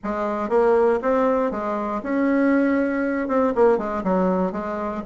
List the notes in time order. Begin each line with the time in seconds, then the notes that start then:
0.03 G#3
0.49 A#3
1.02 C4
1.51 G#3
2.02 C#4
3.28 C4
3.55 A#3
3.77 G#3
4.03 F#3
4.51 G#3